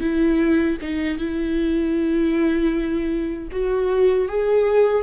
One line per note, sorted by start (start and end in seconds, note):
0.00 0.77 E4
0.81 1.17 D#4
1.17 3.48 E4
3.51 4.28 F#4
4.28 5.02 G#4